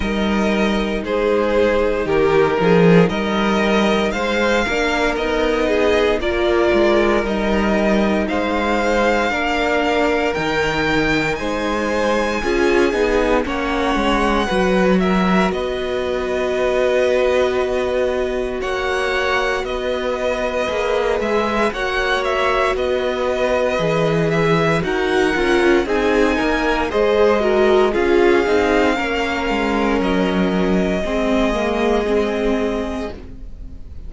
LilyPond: <<
  \new Staff \with { instrumentName = "violin" } { \time 4/4 \tempo 4 = 58 dis''4 c''4 ais'4 dis''4 | f''4 dis''4 d''4 dis''4 | f''2 g''4 gis''4~ | gis''4 fis''4. e''8 dis''4~ |
dis''2 fis''4 dis''4~ | dis''8 e''8 fis''8 e''8 dis''4. e''8 | fis''4 gis''4 dis''4 f''4~ | f''4 dis''2. | }
  \new Staff \with { instrumentName = "violin" } { \time 4/4 ais'4 gis'4 g'8 gis'8 ais'4 | c''8 ais'4 gis'8 ais'2 | c''4 ais'2 c''4 | gis'4 cis''4 b'8 ais'8 b'4~ |
b'2 cis''4 b'4~ | b'4 cis''4 b'2 | ais'4 gis'8 ais'8 c''8 ais'8 gis'4 | ais'2 gis'2 | }
  \new Staff \with { instrumentName = "viola" } { \time 4/4 dis'1~ | dis'8 d'8 dis'4 f'4 dis'4~ | dis'4 d'4 dis'2 | f'8 dis'8 cis'4 fis'2~ |
fis'1 | gis'4 fis'2 gis'4 | fis'8 f'8 dis'4 gis'8 fis'8 f'8 dis'8 | cis'2 c'8 ais8 c'4 | }
  \new Staff \with { instrumentName = "cello" } { \time 4/4 g4 gis4 dis8 f8 g4 | gis8 ais8 b4 ais8 gis8 g4 | gis4 ais4 dis4 gis4 | cis'8 b8 ais8 gis8 fis4 b4~ |
b2 ais4 b4 | ais8 gis8 ais4 b4 e4 | dis'8 cis'8 c'8 ais8 gis4 cis'8 c'8 | ais8 gis8 fis4 gis2 | }
>>